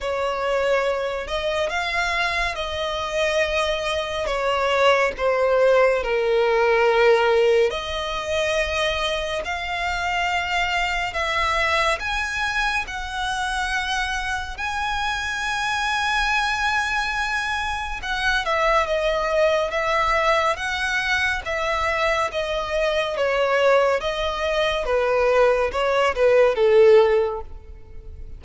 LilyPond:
\new Staff \with { instrumentName = "violin" } { \time 4/4 \tempo 4 = 70 cis''4. dis''8 f''4 dis''4~ | dis''4 cis''4 c''4 ais'4~ | ais'4 dis''2 f''4~ | f''4 e''4 gis''4 fis''4~ |
fis''4 gis''2.~ | gis''4 fis''8 e''8 dis''4 e''4 | fis''4 e''4 dis''4 cis''4 | dis''4 b'4 cis''8 b'8 a'4 | }